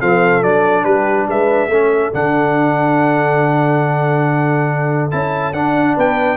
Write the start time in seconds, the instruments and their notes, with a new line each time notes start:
0.00 tuba F3, trombone C4, horn A4, trumpet F5
0.43 tuba F#3, trombone D4, trumpet D5
0.84 tuba G3, horn G4, trumpet B4
1.28 tuba G#3, horn B4, trumpet E5
1.68 tuba A3, trombone C#4, horn A4
2.13 tuba D3, trombone D4, trumpet F#5
5.11 tuba C#4, trombone E4, trumpet A5
5.52 tuba D4, trombone D4, trumpet F#5
5.95 tuba B3, horn B4, trumpet G5